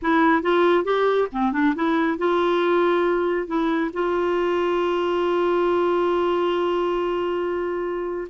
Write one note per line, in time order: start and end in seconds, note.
0.02 0.42 E4
0.42 0.84 F4
0.84 1.27 G4
1.32 1.52 C4
1.52 1.74 D4
1.75 2.18 E4
2.18 3.47 F4
3.47 3.90 E4
3.93 8.28 F4